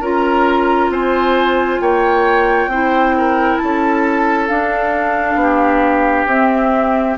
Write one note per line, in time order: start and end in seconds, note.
0.00 0.89 C#4
0.00 2.71 F4
0.00 0.90 A#4
0.00 0.92 A#5
0.89 1.79 C4
0.89 1.81 C5
0.89 1.81 G#5
1.81 2.67 A#3
1.81 2.71 C#5
1.81 3.57 G5
2.67 3.57 C4
2.67 4.49 E4
2.67 3.16 C5
3.17 3.62 A#4
3.57 4.49 C#4
3.57 4.47 A5
3.64 5.41 A4
4.48 6.28 D4
4.48 5.35 D4
4.48 6.27 F5
5.35 6.25 B3
5.35 7.18 G4
6.26 7.16 C4
6.26 7.18 C4
6.26 7.17 E5